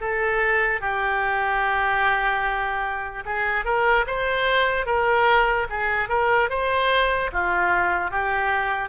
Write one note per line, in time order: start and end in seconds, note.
0.00 0.80 A4
0.80 3.24 G4
3.25 3.64 G#4
3.64 4.05 A#4
4.06 4.86 C5
4.86 5.67 A#4
5.69 6.09 G#4
6.09 6.49 A#4
6.49 7.30 C5
7.32 8.10 F4
8.10 8.89 G4